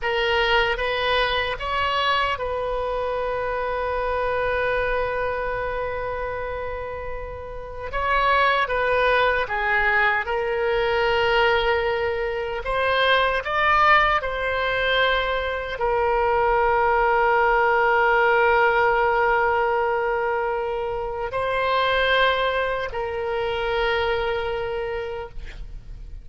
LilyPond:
\new Staff \with { instrumentName = "oboe" } { \time 4/4 \tempo 4 = 76 ais'4 b'4 cis''4 b'4~ | b'1~ | b'2 cis''4 b'4 | gis'4 ais'2. |
c''4 d''4 c''2 | ais'1~ | ais'2. c''4~ | c''4 ais'2. | }